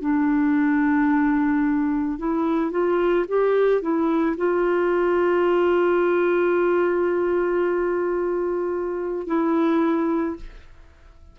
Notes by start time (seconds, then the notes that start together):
0.00 D4
2.18 E4
2.70 F4
3.28 G4
3.81 E4
4.36 F4
9.26 E4